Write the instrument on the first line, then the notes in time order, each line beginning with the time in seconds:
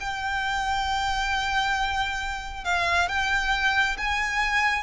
violin
0.00 G5
2.64 F5
3.08 G5
3.97 G#5